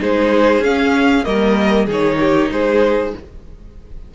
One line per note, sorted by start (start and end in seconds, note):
0.00 0.60 G#3
0.00 0.62 D#4
0.00 1.26 G#4
0.00 0.64 C5
0.60 1.22 C#4
0.60 1.25 F5
0.67 1.25 C#4
1.25 1.87 G3
1.25 1.87 A#3
1.25 1.86 A#4
1.25 1.87 D#5
1.86 2.50 D#3
1.86 3.15 D#4
1.86 2.18 G#4
1.86 2.52 C#5
2.20 2.51 G4
2.52 3.14 G#3
2.52 3.15 G#4
2.52 3.15 C5